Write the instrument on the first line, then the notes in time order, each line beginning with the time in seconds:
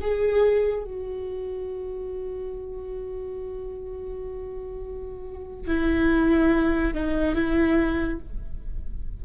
viola
0.00 G#4
0.84 F#4
5.67 E4
6.93 D#4
7.34 E4